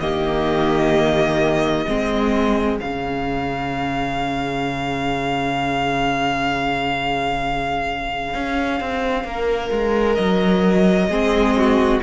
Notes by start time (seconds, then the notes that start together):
0.00 D#3 A#3 G4 D#5
1.86 G#3 C4 G#4
2.78 C#3 C#4 F5
8.34 C#4
8.80 C4
9.24 A#3 A#4
9.72 G#3
10.15 F#3 D#5
11.08 G#3 C4 G#4
11.57 F#4